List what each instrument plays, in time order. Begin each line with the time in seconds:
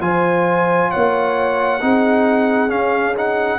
0.00 tuba F3, trombone F4, horn C5, trumpet G#5
0.91 tuba A#3, horn C#5, trumpet F#5
1.81 tuba C4, trombone D#4, horn G#4
2.69 trombone C#4, tuba C#4, trumpet F5
3.17 trombone D#4, trumpet F#5